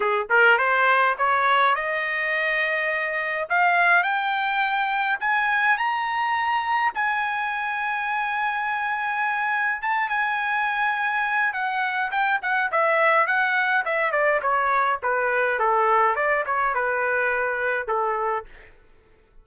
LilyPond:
\new Staff \with { instrumentName = "trumpet" } { \time 4/4 \tempo 4 = 104 gis'8 ais'8 c''4 cis''4 dis''4~ | dis''2 f''4 g''4~ | g''4 gis''4 ais''2 | gis''1~ |
gis''4 a''8 gis''2~ gis''8 | fis''4 g''8 fis''8 e''4 fis''4 | e''8 d''8 cis''4 b'4 a'4 | d''8 cis''8 b'2 a'4 | }